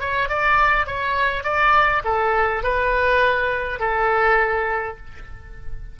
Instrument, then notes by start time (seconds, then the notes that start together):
oboe
0.00 C#5
0.29 D5
0.87 C#5
1.44 D5
2.05 A4
2.63 B4
3.80 A4